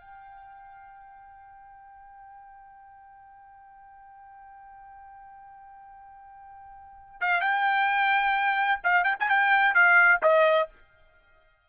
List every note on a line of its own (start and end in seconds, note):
0.00 7.21 G5
7.21 7.41 F5
7.41 8.80 G5
8.84 9.04 F5
9.04 9.16 G5
9.20 9.29 G#5
9.29 9.75 G5
9.75 10.21 F5
10.23 10.69 D#5